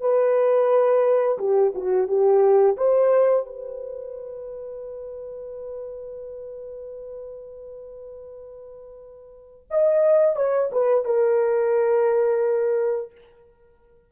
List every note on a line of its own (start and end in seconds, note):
0.00 1.38 B4
1.38 1.73 G4
1.75 2.07 F#4
2.07 2.76 G4
2.76 3.45 C5
3.45 9.66 B4
9.70 10.35 D#5
10.35 10.70 C#5
10.71 11.04 B4
11.04 13.11 A#4